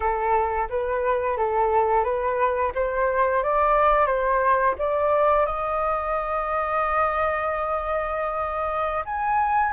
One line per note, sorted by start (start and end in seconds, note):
0.00 0.68 A4
0.69 1.37 B4
1.37 2.04 A4
2.04 2.72 B4
2.75 3.43 C5
3.43 4.06 D5
4.06 4.74 C5
4.78 5.46 D5
5.46 9.04 D#5
9.05 9.72 G#5